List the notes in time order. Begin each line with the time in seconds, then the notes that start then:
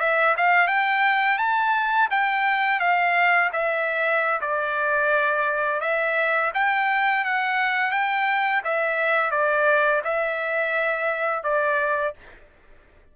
0.00 E5
0.37 F5
0.68 G5
1.38 A5
2.11 G5
2.80 F5
3.53 E5
4.41 D5
5.81 E5
6.55 G5
7.25 F#5
7.91 G5
8.64 E5
9.31 D5
10.05 E5
11.44 D5